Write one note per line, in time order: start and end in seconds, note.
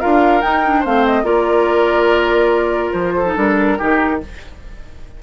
0.00 0.42 D4
0.00 0.42 F4
0.00 0.80 A#4
0.00 0.41 F5
0.41 0.63 D#4
0.41 0.84 D#4
0.41 0.83 G5
0.65 0.85 D4
0.80 1.23 A3
0.80 1.24 C4
0.80 1.22 C5
0.80 1.06 F5
1.06 1.25 D#5
1.23 2.91 A#3
1.23 3.23 F4
1.23 3.14 A#4
1.23 2.91 D5
2.91 3.35 F3
2.91 3.33 C5
3.16 3.78 A4
3.26 3.36 D#4
3.36 3.79 G3
3.36 3.78 D4
3.36 4.21 A#4
3.78 4.22 D#3
3.78 4.21 D#4
3.78 4.20 G4